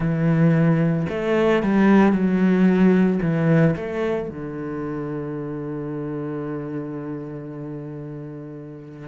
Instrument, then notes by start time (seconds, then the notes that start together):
cello
0.00 E3
1.09 A3
1.62 G3
2.12 F#3
3.21 E3
3.75 A3
4.29 D3